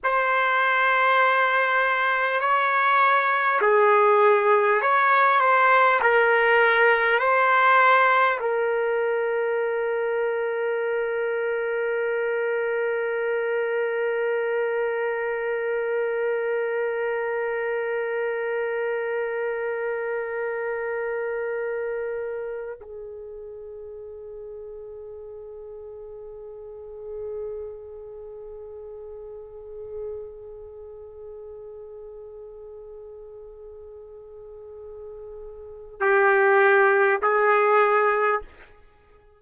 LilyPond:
\new Staff \with { instrumentName = "trumpet" } { \time 4/4 \tempo 4 = 50 c''2 cis''4 gis'4 | cis''8 c''8 ais'4 c''4 ais'4~ | ais'1~ | ais'1~ |
ais'2. gis'4~ | gis'1~ | gis'1~ | gis'2 g'4 gis'4 | }